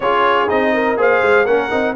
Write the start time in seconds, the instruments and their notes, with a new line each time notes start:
0.00 tuba C#4, trombone F4, horn G#4, trumpet C#5
0.48 tuba C4, trombone D#4, trumpet D#5
0.73 horn A#4
0.96 tuba A#3, trombone G#4, horn C5, trumpet F5
1.22 tuba G#3
1.45 tuba A#3, trombone C#4, horn A#4, trumpet F#5
1.70 tuba C4, trombone D#4